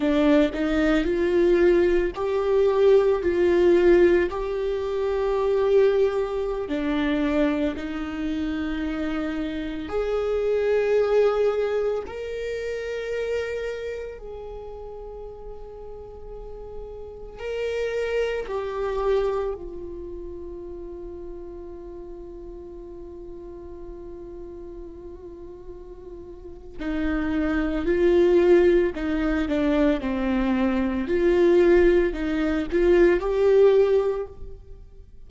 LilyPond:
\new Staff \with { instrumentName = "viola" } { \time 4/4 \tempo 4 = 56 d'8 dis'8 f'4 g'4 f'4 | g'2~ g'16 d'4 dis'8.~ | dis'4~ dis'16 gis'2 ais'8.~ | ais'4~ ais'16 gis'2~ gis'8.~ |
gis'16 ais'4 g'4 f'4.~ f'16~ | f'1~ | f'4 dis'4 f'4 dis'8 d'8 | c'4 f'4 dis'8 f'8 g'4 | }